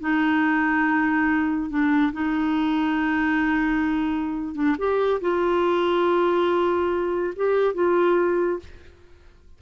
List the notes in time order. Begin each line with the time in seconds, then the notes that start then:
0.00 D#4
1.69 D4
2.12 D#4
4.55 D4
4.78 G4
5.21 F4
7.35 G4
7.74 F4